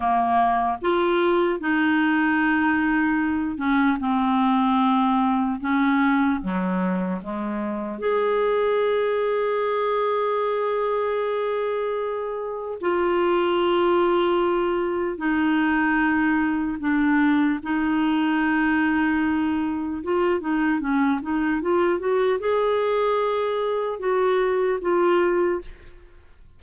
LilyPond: \new Staff \with { instrumentName = "clarinet" } { \time 4/4 \tempo 4 = 75 ais4 f'4 dis'2~ | dis'8 cis'8 c'2 cis'4 | fis4 gis4 gis'2~ | gis'1 |
f'2. dis'4~ | dis'4 d'4 dis'2~ | dis'4 f'8 dis'8 cis'8 dis'8 f'8 fis'8 | gis'2 fis'4 f'4 | }